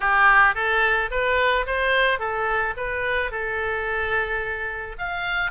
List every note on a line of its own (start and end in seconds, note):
0.00 0.54 G4
0.54 1.09 A4
1.11 1.66 B4
1.66 2.19 C5
2.19 2.74 A4
2.76 3.31 B4
3.31 4.96 A4
4.98 5.51 F5